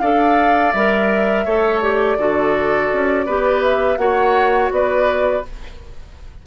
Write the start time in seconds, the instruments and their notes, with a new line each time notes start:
0.00 bassoon D4, clarinet A4, oboe D5, flute F5
0.72 bassoon G3, clarinet A#4, flute E5
1.45 bassoon A3, clarinet A4, oboe C#5
1.81 clarinet G4, flute D5
2.18 bassoon D3, clarinet F#4, oboe A4
2.93 bassoon C#4
3.26 bassoon B3, clarinet G4, oboe B4
3.62 flute E5
3.98 bassoon A#3, clarinet F#4, oboe C#5, flute F#5
4.71 bassoon B3, oboe B4, flute D5